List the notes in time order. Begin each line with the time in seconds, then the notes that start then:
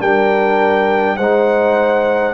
0.00 G3 D4 A#4 G5
1.17 G#3 D#4 C5 F#5